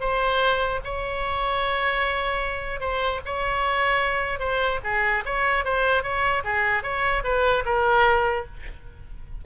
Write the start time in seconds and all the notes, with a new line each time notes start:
0.00 C5
0.84 C#5
2.80 C5
3.25 C#5
4.39 C5
4.84 G#4
5.25 C#5
5.64 C5
6.03 C#5
6.44 G#4
6.83 C#5
7.23 B4
7.65 A#4